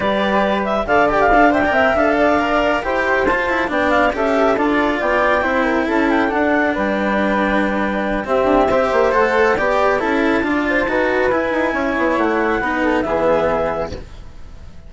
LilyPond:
<<
  \new Staff \with { instrumentName = "clarinet" } { \time 4/4 \tempo 4 = 138 d''4. e''8 f''8 g''16 f''8. g''8~ | g''8 f''2 g''4 a''8~ | a''8 g''8 f''8 e''4 d''4 g''8~ | g''4. a''8 g''8 fis''4 g''8~ |
g''2. e''4~ | e''4 fis''4 g''4 a''4~ | a''2 gis''2 | fis''2 e''2 | }
  \new Staff \with { instrumentName = "flute" } { \time 4/4 b'2 d''4. e''16 d''16 | e''4 d''4. c''4.~ | c''8 d''4 a'2 d''8~ | d''8 c''8 ais'8 a'2 b'8~ |
b'2. g'4 | c''2 d''4 a'4 | d''8 c''8 b'2 cis''4~ | cis''4 b'8 a'8 gis'2 | }
  \new Staff \with { instrumentName = "cello" } { \time 4/4 g'2 a'8 g'8 a'8 c''16 ais'16~ | ais'8 a'4 ais'4 g'4 f'8 | e'8 d'4 g'4 f'4.~ | f'8 e'2 d'4.~ |
d'2. c'4 | g'4 a'4 g'4 e'4 | f'4 fis'4 e'2~ | e'4 dis'4 b2 | }
  \new Staff \with { instrumentName = "bassoon" } { \time 4/4 g2 d4 d'4 | c'8 d'2 e'4 f'8~ | f'8 b4 cis'4 d'4 b8~ | b8 c'4 cis'4 d'4 g8~ |
g2. c'8 d'8 | c'8 ais8 a4 b4 cis'4 | d'4 dis'4 e'8 dis'8 cis'8 b8 | a4 b4 e2 | }
>>